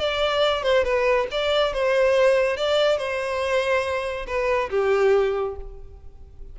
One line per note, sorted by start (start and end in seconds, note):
0.00 0.63 D5
0.63 0.85 C5
0.85 1.27 B4
1.31 1.74 D5
1.74 2.57 C5
2.57 2.98 D5
2.98 4.26 C5
4.27 4.70 B4
4.71 5.56 G4